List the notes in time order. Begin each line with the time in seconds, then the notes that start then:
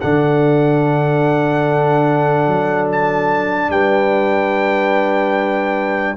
0.00 D3 D4 A4 F#5
2.47 F#3
2.91 A5
3.69 G3 B4 G5